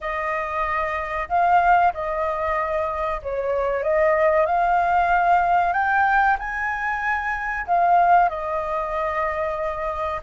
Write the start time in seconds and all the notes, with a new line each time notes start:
0.00 D#5
1.29 F5
1.93 D#5
3.22 C#5
3.83 D#5
4.46 F5
5.72 G5
6.38 G#5
7.66 F5
8.29 D#5